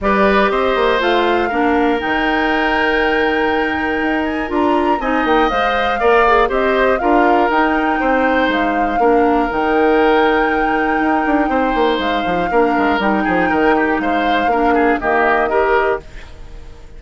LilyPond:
<<
  \new Staff \with { instrumentName = "flute" } { \time 4/4 \tempo 4 = 120 d''4 dis''4 f''2 | g''1~ | g''8 gis''8 ais''4 gis''8 g''8 f''4~ | f''4 dis''4 f''4 g''4~ |
g''4 f''2 g''4~ | g''1 | f''2 g''2 | f''2 dis''2 | }
  \new Staff \with { instrumentName = "oboe" } { \time 4/4 b'4 c''2 ais'4~ | ais'1~ | ais'2 dis''2 | d''4 c''4 ais'2 |
c''2 ais'2~ | ais'2. c''4~ | c''4 ais'4. gis'8 ais'8 g'8 | c''4 ais'8 gis'8 g'4 ais'4 | }
  \new Staff \with { instrumentName = "clarinet" } { \time 4/4 g'2 f'4 d'4 | dis'1~ | dis'4 f'4 dis'4 c''4 | ais'8 gis'8 g'4 f'4 dis'4~ |
dis'2 d'4 dis'4~ | dis'1~ | dis'4 d'4 dis'2~ | dis'4 d'4 ais4 g'4 | }
  \new Staff \with { instrumentName = "bassoon" } { \time 4/4 g4 c'8 ais8 a4 ais4 | dis1 | dis'4 d'4 c'8 ais8 gis4 | ais4 c'4 d'4 dis'4 |
c'4 gis4 ais4 dis4~ | dis2 dis'8 d'8 c'8 ais8 | gis8 f8 ais8 gis8 g8 f8 dis4 | gis4 ais4 dis2 | }
>>